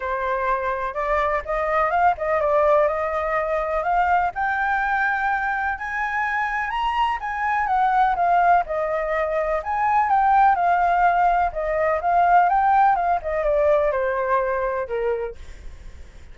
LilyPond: \new Staff \with { instrumentName = "flute" } { \time 4/4 \tempo 4 = 125 c''2 d''4 dis''4 | f''8 dis''8 d''4 dis''2 | f''4 g''2. | gis''2 ais''4 gis''4 |
fis''4 f''4 dis''2 | gis''4 g''4 f''2 | dis''4 f''4 g''4 f''8 dis''8 | d''4 c''2 ais'4 | }